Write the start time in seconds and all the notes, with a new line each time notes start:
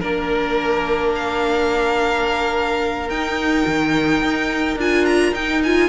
0.00 A#3 D4 A#4
1.16 F5
3.09 D#4 G5
3.67 D#3
4.22 D#4
4.77 D4 F4 G#5
5.06 A#5
5.32 D#4 G5
5.64 F4 G#5